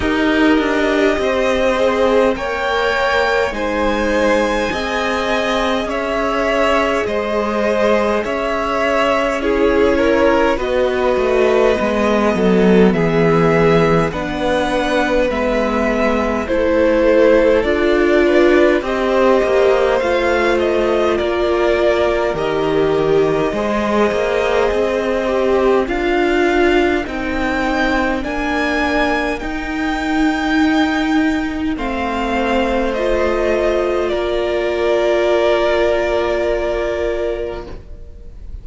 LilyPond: <<
  \new Staff \with { instrumentName = "violin" } { \time 4/4 \tempo 4 = 51 dis''2 g''4 gis''4~ | gis''4 e''4 dis''4 e''4 | cis''4 dis''2 e''4 | fis''4 e''4 c''4 d''4 |
dis''4 f''8 dis''8 d''4 dis''4~ | dis''2 f''4 g''4 | gis''4 g''2 f''4 | dis''4 d''2. | }
  \new Staff \with { instrumentName = "violin" } { \time 4/4 ais'4 c''4 cis''4 c''4 | dis''4 cis''4 c''4 cis''4 | gis'8 ais'8 b'4. a'8 gis'4 | b'2 a'4. b'8 |
c''2 ais'2 | c''2 ais'2~ | ais'2. c''4~ | c''4 ais'2. | }
  \new Staff \with { instrumentName = "viola" } { \time 4/4 g'4. gis'8 ais'4 dis'4 | gis'1 | e'4 fis'4 b2 | d'4 b4 e'4 f'4 |
g'4 f'2 g'4 | gis'4. g'8 f'4 dis'4 | d'4 dis'2 c'4 | f'1 | }
  \new Staff \with { instrumentName = "cello" } { \time 4/4 dis'8 d'8 c'4 ais4 gis4 | c'4 cis'4 gis4 cis'4~ | cis'4 b8 a8 gis8 fis8 e4 | b4 gis4 a4 d'4 |
c'8 ais8 a4 ais4 dis4 | gis8 ais8 c'4 d'4 c'4 | ais4 dis'2 a4~ | a4 ais2. | }
>>